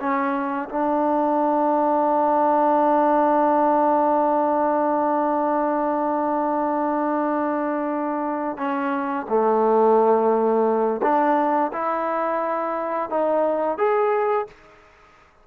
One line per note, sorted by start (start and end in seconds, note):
0.00 0.69 C#4
0.69 8.58 D4
8.58 9.27 C#4
9.29 11.02 A3
11.03 11.72 D4
11.73 13.10 E4
13.10 13.78 D#4
13.78 14.47 G#4